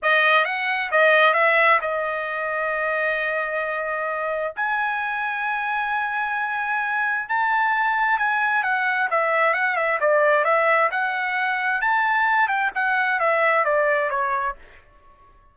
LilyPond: \new Staff \with { instrumentName = "trumpet" } { \time 4/4 \tempo 4 = 132 dis''4 fis''4 dis''4 e''4 | dis''1~ | dis''2 gis''2~ | gis''1 |
a''2 gis''4 fis''4 | e''4 fis''8 e''8 d''4 e''4 | fis''2 a''4. g''8 | fis''4 e''4 d''4 cis''4 | }